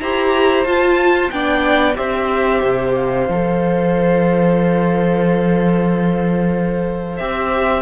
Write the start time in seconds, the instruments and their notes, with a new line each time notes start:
0.00 cello E4, viola G4, violin C5 A#5
0.64 cello F4, viola F4, violin A5
1.30 cello B3, viola D4, violin D5 G5
1.94 cello C4, viola G4, violin C5 E5
2.63 cello C3
2.94 violin F5
3.28 cello F3, viola A4
7.17 cello C4, viola G4, violin E5